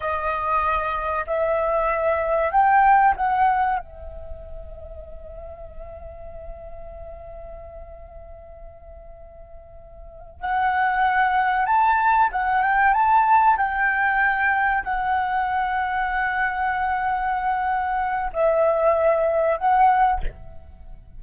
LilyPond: \new Staff \with { instrumentName = "flute" } { \time 4/4 \tempo 4 = 95 dis''2 e''2 | g''4 fis''4 e''2~ | e''1~ | e''1~ |
e''8 fis''2 a''4 fis''8 | g''8 a''4 g''2 fis''8~ | fis''1~ | fis''4 e''2 fis''4 | }